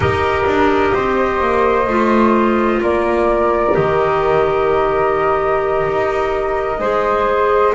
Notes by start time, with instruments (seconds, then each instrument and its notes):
0.00 double bass D#4, clarinet G4, flute A#4 D#5
0.46 double bass D4
0.94 double bass C4, flute C5
1.40 double bass A#3
1.87 double bass A3, clarinet F4
2.81 double bass A#3, flute A#4 D5
3.71 double bass D#3, clarinet G4, flute D#5
5.86 double bass D#4
6.79 double bass G#3, clarinet G#4, flute C5